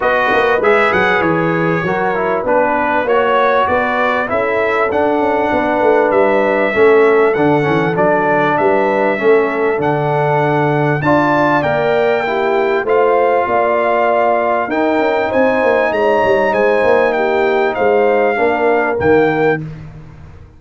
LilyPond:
<<
  \new Staff \with { instrumentName = "trumpet" } { \time 4/4 \tempo 4 = 98 dis''4 e''8 fis''8 cis''2 | b'4 cis''4 d''4 e''4 | fis''2 e''2 | fis''4 d''4 e''2 |
fis''2 a''4 g''4~ | g''4 f''2. | g''4 gis''4 ais''4 gis''4 | g''4 f''2 g''4 | }
  \new Staff \with { instrumentName = "horn" } { \time 4/4 b'2. ais'4 | b'4 cis''4 b'4 a'4~ | a'4 b'2 a'4~ | a'2 b'4 a'4~ |
a'2 d''2 | g'4 c''4 d''2 | ais'4 c''4 cis''4 c''4 | g'4 c''4 ais'2 | }
  \new Staff \with { instrumentName = "trombone" } { \time 4/4 fis'4 gis'2 fis'8 e'8 | d'4 fis'2 e'4 | d'2. cis'4 | d'8 cis'8 d'2 cis'4 |
d'2 f'4 ais'4 | e'4 f'2. | dis'1~ | dis'2 d'4 ais4 | }
  \new Staff \with { instrumentName = "tuba" } { \time 4/4 b8 ais8 gis8 fis8 e4 fis4 | b4 ais4 b4 cis'4 | d'8 cis'8 b8 a8 g4 a4 | d8 e8 fis4 g4 a4 |
d2 d'4 ais4~ | ais4 a4 ais2 | dis'8 cis'8 c'8 ais8 gis8 g8 gis8 ais8~ | ais4 gis4 ais4 dis4 | }
>>